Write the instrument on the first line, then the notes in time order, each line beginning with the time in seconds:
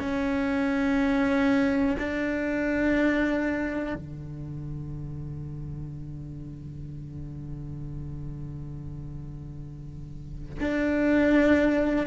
cello
0.00 C#4
1.99 D4
3.95 D3
10.61 D4